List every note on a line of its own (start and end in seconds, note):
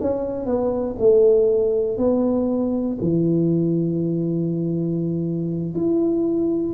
0.00 0.45 C#4
0.45 0.95 B3
0.98 1.98 A3
1.98 2.98 B3
3.00 5.74 E3
5.74 6.74 E4